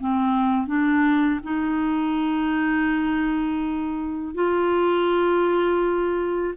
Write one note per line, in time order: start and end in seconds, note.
0.00 0.67 C4
0.67 1.40 D4
1.43 4.34 D#4
4.34 6.54 F4